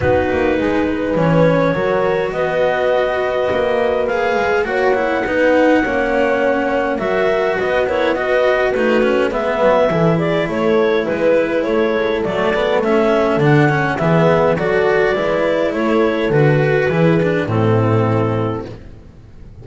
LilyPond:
<<
  \new Staff \with { instrumentName = "clarinet" } { \time 4/4 \tempo 4 = 103 b'2 cis''2 | dis''2. f''4 | fis''1 | e''4 dis''8 cis''8 dis''4 b'4 |
e''4. d''8 cis''4 b'4 | cis''4 d''4 e''4 fis''4 | e''4 d''2 cis''4 | b'2 a'2 | }
  \new Staff \with { instrumentName = "horn" } { \time 4/4 fis'4 gis'8 b'4. ais'4 | b'1 | cis''4 b'4 cis''2 | ais'4 b'8 ais'8 b'4 fis'4 |
b'4 a'8 gis'8 a'4 b'4 | a'1 | gis'4 a'4 b'4 a'4~ | a'4 gis'4 e'2 | }
  \new Staff \with { instrumentName = "cello" } { \time 4/4 dis'2 cis'4 fis'4~ | fis'2. gis'4 | fis'8 e'8 dis'4 cis'2 | fis'4. e'8 fis'4 dis'8 cis'8 |
b4 e'2.~ | e'4 a8 b8 cis'4 d'8 cis'8 | b4 fis'4 e'2 | fis'4 e'8 d'8 c'2 | }
  \new Staff \with { instrumentName = "double bass" } { \time 4/4 b8 ais8 gis4 e4 fis4 | b2 ais4. gis8 | ais4 b4 ais2 | fis4 b2 a4 |
gis8 fis8 e4 a4 gis4 | a8 gis8 fis4 a4 d4 | e4 fis4 gis4 a4 | d4 e4 a,2 | }
>>